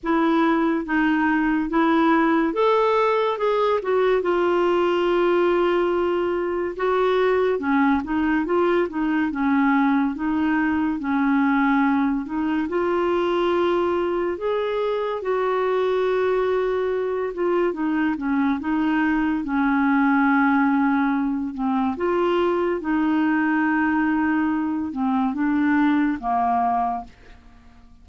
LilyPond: \new Staff \with { instrumentName = "clarinet" } { \time 4/4 \tempo 4 = 71 e'4 dis'4 e'4 a'4 | gis'8 fis'8 f'2. | fis'4 cis'8 dis'8 f'8 dis'8 cis'4 | dis'4 cis'4. dis'8 f'4~ |
f'4 gis'4 fis'2~ | fis'8 f'8 dis'8 cis'8 dis'4 cis'4~ | cis'4. c'8 f'4 dis'4~ | dis'4. c'8 d'4 ais4 | }